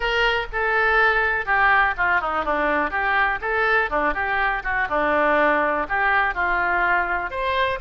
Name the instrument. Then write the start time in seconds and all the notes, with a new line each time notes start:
oboe
0.00 A#4
0.52 A4
1.45 G4
1.97 F4
2.20 D#4
2.44 D4
2.90 G4
3.41 A4
3.89 D4
4.14 G4
4.63 F#4
4.89 D4
5.88 G4
6.34 F4
7.30 C5